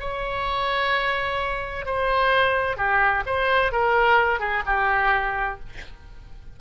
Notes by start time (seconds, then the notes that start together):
0.00 C#5
1.86 C5
2.77 G4
3.26 C5
3.72 A#4
4.39 G#4
4.66 G4